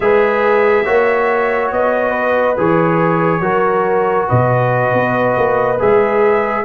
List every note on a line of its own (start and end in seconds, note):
0.00 0.85 G#3
0.00 0.84 G#4
0.00 0.85 B4
0.00 1.71 E5
0.84 1.71 A#3
0.84 2.56 F#4
0.84 2.10 C#5
1.71 2.57 B3
1.71 2.57 D#5
2.10 3.38 B4
2.57 3.40 E3
2.57 3.42 G#4
2.57 4.29 C#5
3.40 4.26 F#3
3.40 5.77 F#4
3.40 4.27 A#4
4.27 4.93 B2
4.27 6.63 B4
4.27 5.79 D#5
4.93 5.36 B3
5.37 5.79 A#3
5.79 6.64 G#3
5.79 6.64 G#4
5.79 6.64 E5